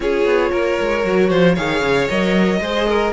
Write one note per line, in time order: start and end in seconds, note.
0.00 0.25 C#4
0.00 1.01 F4
0.00 0.51 G#4
0.00 1.55 C#5
0.25 0.51 B3
0.51 0.78 A#3
0.51 1.29 A#4
0.80 1.04 G#3
1.03 1.30 F#3
1.03 1.56 F#4
1.29 1.57 F3
1.29 1.54 C5
1.54 1.81 D#3
1.54 2.09 G#4
1.54 2.58 C#5
1.54 2.07 F5
1.81 2.07 C#3
2.09 2.60 F#3
2.09 2.61 A#4
2.09 3.12 D#5
2.60 3.12 G#3
2.60 3.12 G#4
2.60 2.87 C5
2.87 3.12 A#4